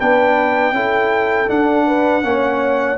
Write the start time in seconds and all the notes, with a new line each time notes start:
0.00 B3 D4 B4 G5
0.72 C#4 E4 A4
1.48 D4 F#5
1.87 B4
2.23 A#3 C#4 C#5